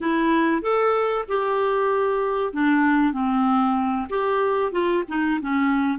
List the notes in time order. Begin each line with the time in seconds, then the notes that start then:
0.00 E4
0.61 A4
1.28 G4
2.53 D4
3.12 C4
4.09 G4
4.72 F4
5.08 D#4
5.41 C#4